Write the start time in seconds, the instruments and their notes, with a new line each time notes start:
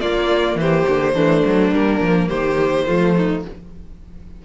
0.00 cello A#3, viola A#3, violin F4 D5
0.55 cello E3, violin G4 C5
0.88 cello D3
1.14 cello E3, viola A3, violin D4
1.46 cello F#3
1.72 cello G3, viola A#3, violin A#4
2.01 cello F3
2.28 cello D#3, violin G4 C5
2.86 cello F3, viola A3, violin F4
3.16 violin D#4